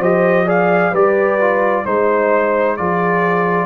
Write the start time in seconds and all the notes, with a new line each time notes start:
0.00 F3 G4 C5 D#5
0.46 G#4 D5 F5
0.92 G3 G4 B4 D5
1.41 F4
1.86 G#3 D#4 C5
2.77 F3 F4 G#4 D5